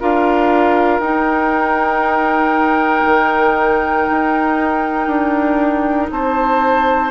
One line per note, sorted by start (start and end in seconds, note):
0.00 0.99 D4
0.00 1.02 F4
0.00 6.10 A#4
0.00 1.00 F5
0.99 3.03 D#4
0.99 7.10 D#4
0.99 6.08 G5
3.05 4.07 D#3
4.10 5.07 D#4
5.07 6.08 D4
6.11 7.10 C4
6.11 7.10 C5
6.11 7.10 A5